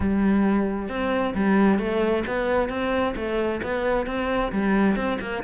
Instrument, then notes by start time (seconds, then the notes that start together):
cello
0.00 G3
0.88 C4
1.34 G3
1.78 A3
2.27 B3
2.69 C4
3.16 A3
3.63 B3
4.06 C4
4.52 G3
4.95 C4
5.20 A#3